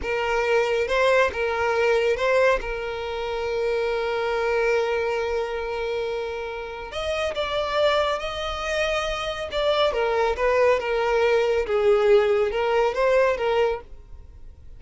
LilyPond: \new Staff \with { instrumentName = "violin" } { \time 4/4 \tempo 4 = 139 ais'2 c''4 ais'4~ | ais'4 c''4 ais'2~ | ais'1~ | ais'1 |
dis''4 d''2 dis''4~ | dis''2 d''4 ais'4 | b'4 ais'2 gis'4~ | gis'4 ais'4 c''4 ais'4 | }